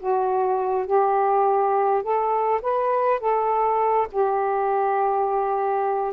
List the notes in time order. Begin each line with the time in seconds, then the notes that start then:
0.00 F#4
0.87 G4
2.03 A4
2.62 B4
3.20 A4
4.12 G4